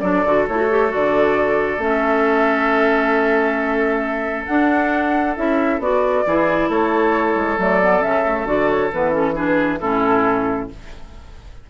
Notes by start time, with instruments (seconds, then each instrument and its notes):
0.00 bassoon F#3, clarinet D4, oboe A4, flute D5
0.25 bassoon D3, clarinet F#4
0.48 bassoon A3, clarinet E4, flute C#5
0.57 clarinet F#4
0.70 clarinet G4
0.89 bassoon D3, clarinet F#4, flute D5
1.78 bassoon A3, clarinet C#4, flute E5
4.46 clarinet D4, bassoon D4, flute F#5
5.36 bassoon C#4, clarinet E4, flute E5
5.79 bassoon B3, clarinet F#4, flute D5
6.27 bassoon E3, clarinet E4, oboe G#4
6.69 bassoon A3, oboe A4, flute C#5
7.35 bassoon G#3
7.58 bassoon F#3, clarinet A3, flute D5
7.81 clarinet B3
8.01 bassoon C#3, clarinet C#4, flute E5
8.24 clarinet A3
8.45 bassoon D3, clarinet F#4, flute D5
8.70 flute C#5
8.93 bassoon E3, clarinet B3, flute B4
9.11 clarinet C#4, flute A4
9.35 clarinet D4, oboe G#4, flute B4
9.80 bassoon A2, clarinet C#4, oboe E4, flute A4